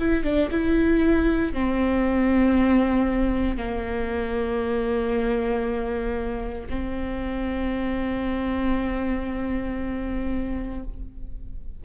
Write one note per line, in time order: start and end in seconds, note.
0.00 0.24 E4
0.24 0.50 D4
0.52 1.54 E4
1.54 3.58 C4
3.58 6.68 A#3
6.70 10.84 C4